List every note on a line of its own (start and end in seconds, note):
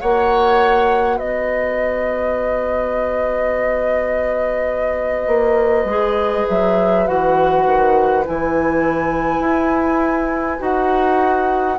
0.00 1.19 A#3
0.00 5.89 F#4
0.00 1.16 C#5
0.00 1.18 F#5
1.16 5.27 B3
1.16 11.75 B4
1.16 6.47 D#5
5.27 5.84 A#3
5.84 6.43 G#3
5.84 7.06 G#4
6.48 7.08 F#3
6.48 7.07 E5
7.06 7.66 E3
7.06 8.24 F#4
7.06 8.25 F#5
7.66 8.25 D#3
8.25 9.39 E3
8.25 10.59 E4
8.25 10.62 G#5
9.39 10.57 E4
10.59 11.78 D#4
10.59 11.76 F#4
10.59 11.78 F#5